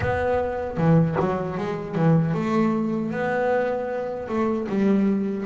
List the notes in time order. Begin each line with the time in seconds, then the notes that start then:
0.00 B3
0.77 E3
1.19 F#3
1.57 G#3
1.95 E3
2.33 A3
3.11 B3
4.28 A3
4.68 G3